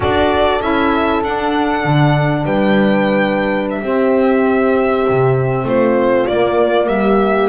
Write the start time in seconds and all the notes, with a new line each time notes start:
0.00 D4 F#4 A4 D5
0.61 C#4 E4 E5
1.22 D4 F#5
1.84 D3
2.45 G3 B4 G5
3.70 E5
3.82 C4 G4
5.09 C3
5.64 A3 F4 C5
6.26 A#3 D5
6.87 G3 G4 E5